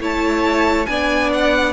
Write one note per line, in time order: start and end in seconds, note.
0.00 0.87 A3
0.00 0.87 E4
0.00 0.89 C#5
0.00 0.87 A5
0.87 1.73 B3
0.87 1.73 D4
0.87 1.73 D5
0.87 1.30 G#5
1.34 1.73 F#5